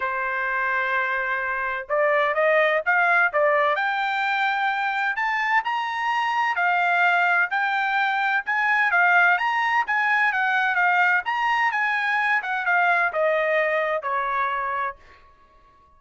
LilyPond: \new Staff \with { instrumentName = "trumpet" } { \time 4/4 \tempo 4 = 128 c''1 | d''4 dis''4 f''4 d''4 | g''2. a''4 | ais''2 f''2 |
g''2 gis''4 f''4 | ais''4 gis''4 fis''4 f''4 | ais''4 gis''4. fis''8 f''4 | dis''2 cis''2 | }